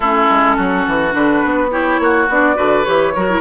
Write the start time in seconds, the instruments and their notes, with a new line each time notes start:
0.00 bassoon A3, clarinet C#4, oboe E4, flute A4
0.29 bassoon G#3
0.56 bassoon F#3, oboe F#4
0.87 bassoon E3
1.11 bassoon D3, clarinet D4, flute B4
1.45 bassoon B3
1.70 clarinet E4, oboe G4, flute C#5
1.99 bassoon A#3, oboe F#4
2.28 bassoon B3, clarinet D4, flute D5
2.55 bassoon D3, clarinet F#4, oboe B4
2.84 bassoon E3, clarinet G4, flute C#5
3.15 bassoon F#3, clarinet F#4, oboe A#4
3.29 clarinet E4